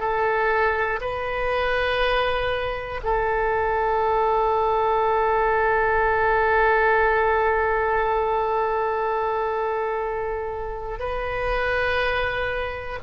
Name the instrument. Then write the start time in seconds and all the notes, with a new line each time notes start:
oboe
0.00 A4
1.01 B4
3.03 A4
10.99 B4